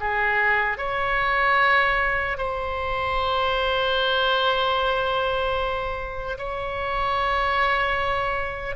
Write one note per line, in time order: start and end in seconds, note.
0.00 0.77 G#4
0.77 2.37 C#5
2.37 6.37 C5
6.38 8.75 C#5